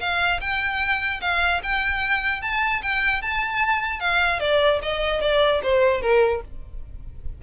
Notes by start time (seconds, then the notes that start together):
0.00 F5
0.40 G5
1.21 F5
1.63 G5
2.42 A5
2.82 G5
3.22 A5
4.00 F5
4.40 D5
4.82 D#5
5.21 D5
5.63 C5
6.01 A#4